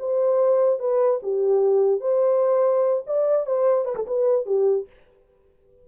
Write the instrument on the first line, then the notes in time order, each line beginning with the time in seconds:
horn
0.00 C5
0.80 B4
1.23 G4
2.01 C5
3.07 D5
3.47 C5
3.85 B4
3.96 A4
4.07 B4
4.46 G4